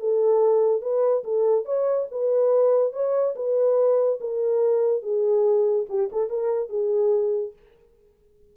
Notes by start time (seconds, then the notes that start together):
0.00 A4
0.81 B4
1.24 A4
1.65 C#5
2.11 B4
2.93 C#5
3.36 B4
4.21 A#4
5.02 G#4
5.89 G4
6.12 A4
6.30 A#4
6.69 G#4